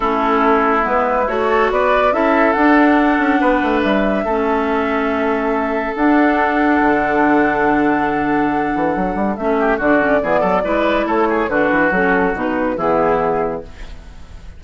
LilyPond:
<<
  \new Staff \with { instrumentName = "flute" } { \time 4/4 \tempo 4 = 141 a'2 b'4 cis''4 | d''4 e''4 fis''2~ | fis''4 e''2.~ | e''2 fis''2~ |
fis''1~ | fis''2 e''4 d''4~ | d''2 cis''4 b'4 | a'4 b'4 gis'2 | }
  \new Staff \with { instrumentName = "oboe" } { \time 4/4 e'2.~ e'8 a'8 | b'4 a'2. | b'2 a'2~ | a'1~ |
a'1~ | a'2~ a'8 g'8 fis'4 | gis'8 a'8 b'4 a'8 gis'8 fis'4~ | fis'2 e'2 | }
  \new Staff \with { instrumentName = "clarinet" } { \time 4/4 cis'2 b4 fis'4~ | fis'4 e'4 d'2~ | d'2 cis'2~ | cis'2 d'2~ |
d'1~ | d'2 cis'4 d'8 cis'8 | b4 e'2 d'4 | cis'4 dis'4 b2 | }
  \new Staff \with { instrumentName = "bassoon" } { \time 4/4 a2 gis4 a4 | b4 cis'4 d'4. cis'8 | b8 a8 g4 a2~ | a2 d'2 |
d1~ | d8 e8 fis8 g8 a4 d4 | e8 fis8 gis4 a4 d8 e8 | fis4 b,4 e2 | }
>>